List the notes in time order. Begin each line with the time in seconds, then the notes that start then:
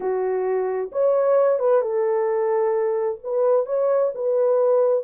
0.00 F#4
0.92 C#5
1.59 B4
1.81 A4
3.23 B4
3.66 C#5
4.15 B4